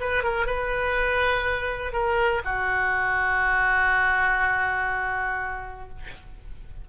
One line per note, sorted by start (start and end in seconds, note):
0.00 0.23 B4
0.23 0.46 A#4
0.46 1.92 B4
1.92 2.42 A#4
2.44 5.89 F#4